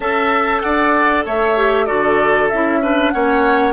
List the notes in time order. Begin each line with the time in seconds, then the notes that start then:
0.00 C#4 A4 E5 A5
0.61 D4 D5 F#5
1.25 A3 C#5 E5
1.57 G4
1.85 D3 F#4 A4 D5
2.48 C#4 E4 E5
2.82 D4 B4
3.10 A#3 C#4 C#5 F#5